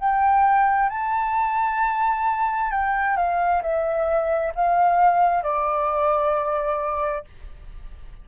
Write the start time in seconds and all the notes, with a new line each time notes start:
0.00 G5
0.90 A5
2.71 G5
3.17 F5
3.63 E5
4.55 F5
5.43 D5